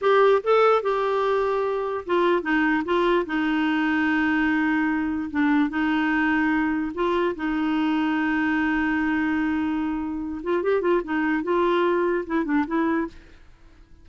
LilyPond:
\new Staff \with { instrumentName = "clarinet" } { \time 4/4 \tempo 4 = 147 g'4 a'4 g'2~ | g'4 f'4 dis'4 f'4 | dis'1~ | dis'4 d'4 dis'2~ |
dis'4 f'4 dis'2~ | dis'1~ | dis'4. f'8 g'8 f'8 dis'4 | f'2 e'8 d'8 e'4 | }